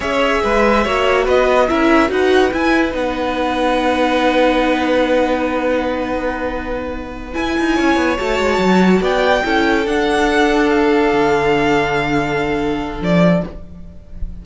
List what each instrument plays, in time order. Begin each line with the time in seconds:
0.00 cello C#4, viola G#4, violin C#5 E5
0.43 cello G#3, violin B4
0.84 cello A#3, viola F#4, violin C#5
1.24 cello B3, violin B4 D#5
1.68 cello C#4, viola E4, violin A#4 E5
2.08 cello D#4, viola F#4, violin B4 F#5
2.51 viola E4, cello E4, violin G#5
2.91 cello B3, viola D#4, violin F#5
7.32 viola E4, cello E4, violin G#5
7.58 cello D#4
7.74 cello C#4, violin C#5
7.96 cello B3
8.17 cello A3, viola F#4, violin A5
8.39 cello G#3
8.58 cello F#3
9.00 cello B3, violin D5 G5
9.43 cello C#4, viola E4, violin A4
9.86 cello D4, viola D4, violin F#5
10.69 violin F5
11.13 cello D3
13.01 cello F3, violin D5